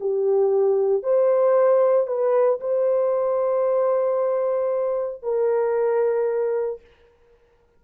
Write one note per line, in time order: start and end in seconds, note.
0.00 1.03 G4
1.03 2.07 C5
2.07 2.60 B4
2.60 5.22 C5
5.22 6.80 A#4